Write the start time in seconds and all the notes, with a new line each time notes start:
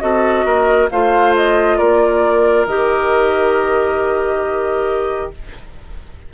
0.00 C4 F#4 A4 D#5
0.45 A#3 A#4
0.91 A3 F4 C5 F5
1.36 D#5
1.78 A#3 A#4 D5
2.67 D#3 G4 D#5